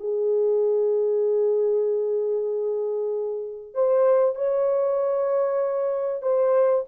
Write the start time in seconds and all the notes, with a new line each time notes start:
0.00 G#4
3.74 C5
4.35 C#5
6.22 C5